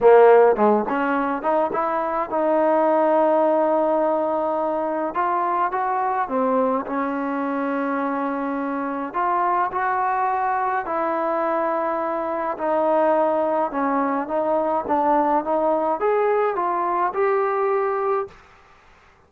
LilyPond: \new Staff \with { instrumentName = "trombone" } { \time 4/4 \tempo 4 = 105 ais4 gis8 cis'4 dis'8 e'4 | dis'1~ | dis'4 f'4 fis'4 c'4 | cis'1 |
f'4 fis'2 e'4~ | e'2 dis'2 | cis'4 dis'4 d'4 dis'4 | gis'4 f'4 g'2 | }